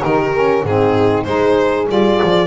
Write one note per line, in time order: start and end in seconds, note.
0.00 0.63 D#3
0.00 0.31 D#4
0.00 0.65 G4
0.00 0.65 A#4
0.34 0.65 C#4
0.63 1.25 G#2
0.63 1.26 C4
0.63 1.28 D#4
0.63 1.24 G#4
1.24 1.88 G#3
1.24 1.87 D#4
1.24 2.46 G#4
1.24 1.85 C5
1.87 2.20 G3
1.87 2.46 F4
1.87 2.46 D5
2.23 2.46 F3